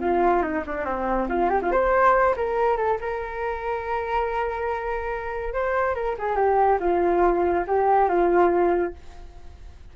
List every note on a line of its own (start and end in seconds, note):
0.00 0.42 F4
0.42 0.63 D#4
0.66 0.85 D4
0.85 1.27 C4
1.28 1.50 F4
1.50 1.60 G4
1.62 1.71 F4
1.71 2.35 C5
2.36 2.77 A#4
2.77 2.98 A4
3.01 5.53 A#4
5.53 5.95 C5
5.95 6.16 A#4
6.18 6.36 G#4
6.36 6.78 G4
6.79 7.65 F4
7.67 8.09 G4
8.09 8.94 F4